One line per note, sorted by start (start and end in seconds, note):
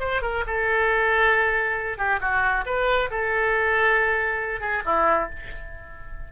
0.00 0.22 C5
0.22 0.44 A#4
0.47 1.98 A4
1.98 2.20 G4
2.21 2.65 F#4
2.66 3.10 B4
3.11 4.61 A4
4.61 4.83 G#4
4.85 5.30 E4